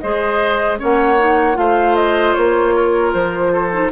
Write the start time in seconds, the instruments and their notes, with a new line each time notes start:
0.00 bassoon G#3, clarinet G#4, oboe C5, flute D#5
0.79 bassoon A#3, clarinet C#4, oboe C#5, flute F#5
1.19 clarinet D#4
1.54 bassoon A3, clarinet F4, oboe C5, flute F5
1.96 flute D#5
2.34 bassoon A#3, flute C#5
2.75 oboe A#4
3.14 bassoon F3, flute C5
3.53 oboe A4
3.73 clarinet D#4